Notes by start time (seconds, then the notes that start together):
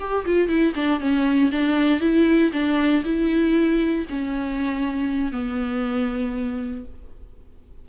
0.00 G4
0.26 F4
0.49 E4
0.76 D4
1.00 C#4
1.52 D4
2.01 E4
2.53 D4
3.05 E4
4.10 C#4
5.33 B3